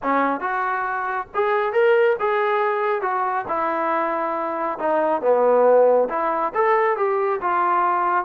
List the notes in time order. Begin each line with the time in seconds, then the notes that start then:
0.03 C#4
0.40 F#4
1.34 G#4
1.73 A#4
2.19 G#4
3.01 F#4
3.48 E4
4.78 D#4
5.21 B3
6.09 E4
6.54 A4
6.96 G4
7.41 F4